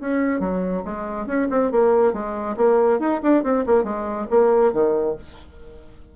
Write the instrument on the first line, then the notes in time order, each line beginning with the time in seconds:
bassoon
0.00 C#4
0.39 F#3
0.84 G#3
1.26 C#4
1.50 C4
1.71 A#3
2.13 G#3
2.56 A#3
2.99 D#4
3.22 D4
3.43 C4
3.66 A#3
3.84 G#3
4.30 A#3
4.72 D#3